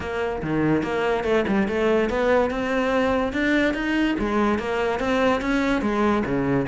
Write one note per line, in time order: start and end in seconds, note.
0.00 0.41 A#3
0.42 0.82 D#3
0.82 1.23 A#3
1.23 1.44 A3
1.47 1.68 G3
1.68 2.09 A3
2.09 2.50 B3
2.50 3.32 C4
3.32 3.74 D4
3.74 4.15 D#4
4.18 4.59 G#3
4.59 4.99 A#3
4.99 5.41 C4
5.41 5.81 C#4
5.81 6.23 G#3
6.25 6.66 C#3